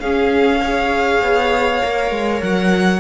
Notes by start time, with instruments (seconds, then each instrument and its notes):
0.00 cello C#4, viola C#4, violin G#4 F5
0.61 viola G#4, violin C#5
1.22 cello B3
1.82 cello A#3, viola A#4
2.11 cello G#3
2.42 cello F#3, violin F#5